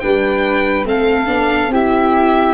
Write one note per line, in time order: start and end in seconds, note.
0.00 0.85 G3
0.00 0.85 D4
0.00 0.87 B4
0.00 0.85 G5
0.85 1.27 A3
0.85 1.26 C4
0.85 1.72 A4
0.85 1.73 F5
1.26 1.68 B3
1.26 1.69 D4
1.68 2.53 C4
1.68 2.54 E4
1.68 2.54 G4
1.68 2.54 E5